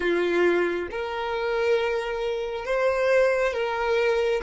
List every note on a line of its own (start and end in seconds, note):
0.00 0.88 F4
0.90 2.65 A#4
2.65 3.53 C5
3.53 4.41 A#4